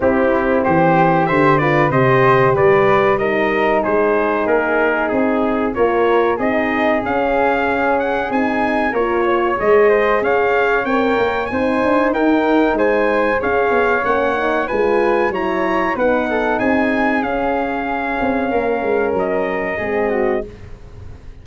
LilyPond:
<<
  \new Staff \with { instrumentName = "trumpet" } { \time 4/4 \tempo 4 = 94 g'4 c''4 e''8 d''8 dis''4 | d''4 dis''4 c''4 ais'4 | gis'4 cis''4 dis''4 f''4~ | f''8 fis''8 gis''4 cis''4 dis''4 |
f''4 g''4 gis''4 g''4 | gis''4 f''4 fis''4 gis''4 | ais''4 fis''4 gis''4 f''4~ | f''2 dis''2 | }
  \new Staff \with { instrumentName = "flute" } { \time 4/4 e'4 g'4 c''8 b'8 c''4 | b'4 ais'4 gis'2~ | gis'4 ais'4 gis'2~ | gis'2 ais'8 cis''4 c''8 |
cis''2 c''4 ais'4 | c''4 cis''2 b'4 | cis''4 b'8 a'8 gis'2~ | gis'4 ais'2 gis'8 fis'8 | }
  \new Staff \with { instrumentName = "horn" } { \time 4/4 c'2 g'8 f'8 g'4~ | g'4 dis'2.~ | dis'4 f'4 dis'4 cis'4~ | cis'4 dis'4 f'4 gis'4~ |
gis'4 ais'4 dis'2~ | dis'4 gis'4 cis'8 dis'8 f'4 | e'4 dis'2 cis'4~ | cis'2. c'4 | }
  \new Staff \with { instrumentName = "tuba" } { \time 4/4 c'4 e4 d4 c4 | g2 gis4 ais4 | c'4 ais4 c'4 cis'4~ | cis'4 c'4 ais4 gis4 |
cis'4 c'8 ais8 c'8 d'8 dis'4 | gis4 cis'8 b8 ais4 gis4 | fis4 b4 c'4 cis'4~ | cis'8 c'8 ais8 gis8 fis4 gis4 | }
>>